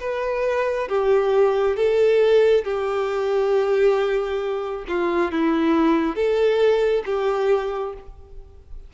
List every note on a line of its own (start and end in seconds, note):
0.00 0.88 B4
0.88 1.76 G4
1.76 2.64 A4
2.64 4.85 G4
4.88 5.31 F4
5.31 6.15 E4
6.15 7.03 A4
7.05 7.94 G4